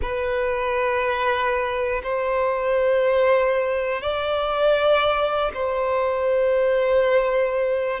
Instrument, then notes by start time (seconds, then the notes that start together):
violin
0.01 B4
2.03 C5
4.01 D5
5.54 C5